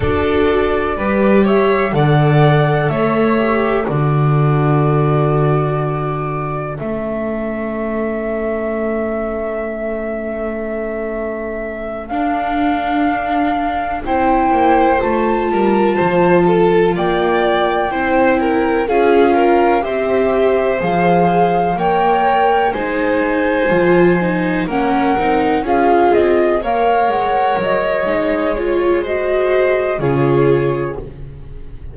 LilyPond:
<<
  \new Staff \with { instrumentName = "flute" } { \time 4/4 \tempo 4 = 62 d''4. e''8 fis''4 e''4 | d''2. e''4~ | e''1~ | e''8 f''2 g''4 a''8~ |
a''4. g''2 f''8~ | f''8 e''4 f''4 g''4 gis''8~ | gis''4. fis''4 f''8 dis''8 f''8 | fis''8 dis''4 cis''8 dis''4 cis''4 | }
  \new Staff \with { instrumentName = "violin" } { \time 4/4 a'4 b'8 cis''8 d''4 cis''4 | a'1~ | a'1~ | a'2~ a'8 c''4. |
ais'8 c''8 a'8 d''4 c''8 ais'8 gis'8 | ais'8 c''2 cis''4 c''8~ | c''4. ais'4 gis'4 cis''8~ | cis''2 c''4 gis'4 | }
  \new Staff \with { instrumentName = "viola" } { \time 4/4 fis'4 g'4 a'4. g'8 | fis'2. cis'4~ | cis'1~ | cis'8 d'2 e'4 f'8~ |
f'2~ f'8 e'4 f'8~ | f'8 g'4 gis'4 ais'4 dis'8~ | dis'8 f'8 dis'8 cis'8 dis'8 f'4 ais'8~ | ais'4 dis'8 f'8 fis'4 f'4 | }
  \new Staff \with { instrumentName = "double bass" } { \time 4/4 d'4 g4 d4 a4 | d2. a4~ | a1~ | a8 d'2 c'8 ais8 a8 |
g8 f4 ais4 c'4 cis'8~ | cis'8 c'4 f4 ais4 gis8~ | gis8 f4 ais8 c'8 cis'8 c'8 ais8 | gis8 fis8 gis2 cis4 | }
>>